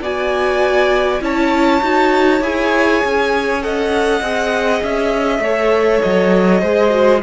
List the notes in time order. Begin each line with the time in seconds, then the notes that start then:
0.00 B3 F#4 D5 G#5
1.21 C#4 E4 C#5 A5
1.81 D#4 F#4
2.41 E4 G#4 G#5
3.04 C#4
3.61 A4 D#5 F#5
4.21 C4 G#4
4.83 C#4 E5
5.39 A3 A4 C#5
6.02 F#3 D#5
6.61 G#3 G#4 C5
6.90 F#4